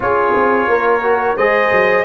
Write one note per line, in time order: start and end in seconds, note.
0.00 0.33 C#4
0.00 1.01 F4
0.00 0.69 G#4
0.00 1.36 C#5
0.35 0.67 C4
0.67 1.35 A#3
0.67 1.37 A#4
1.02 1.36 F#4
1.36 1.71 G#3
1.36 2.04 G#4
1.36 2.04 C5
1.36 2.04 D#5
1.71 2.04 F#3